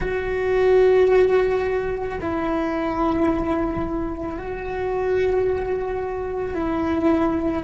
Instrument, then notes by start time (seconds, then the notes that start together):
cello
0.00 F#4
2.20 E4
4.38 F#4
6.54 E4